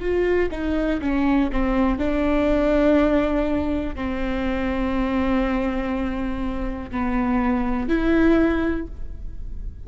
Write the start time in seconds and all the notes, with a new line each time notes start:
0.00 F4
0.51 D#4
1.01 C#4
1.52 C4
1.99 D4
3.95 C4
6.91 B3
7.88 E4